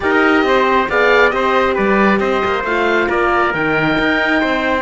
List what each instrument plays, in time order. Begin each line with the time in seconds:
0.00 cello D#4, horn G4, trumpet A#4, oboe D#5
0.43 cello C4, trumpet C5
0.89 cello B3, horn G#4, trumpet D5, oboe F5
1.30 cello C4, horn G4, trumpet C5, oboe D#5
1.74 cello G3, trumpet B4, oboe D5
2.19 cello C4, trumpet C5, oboe D#5
2.45 cello A#3
2.63 cello A3, horn F4, oboe F5
3.08 cello A#3, trumpet A#4, oboe D5
3.53 cello D#3, horn D#4, oboe G5
3.98 cello D#4
4.40 cello C4, trumpet C5